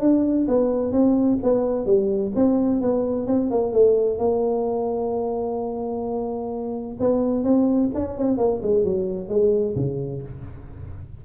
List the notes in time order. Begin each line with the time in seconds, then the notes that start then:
0.00 D4
0.48 B3
0.92 C4
1.43 B3
1.86 G3
2.35 C4
2.81 B3
3.27 C4
3.50 A#3
3.72 A3
4.18 A#3
7.00 B3
7.43 C4
7.94 C#4
8.18 C4
8.37 A#3
8.62 G#3
8.84 F#3
9.28 G#3
9.75 C#3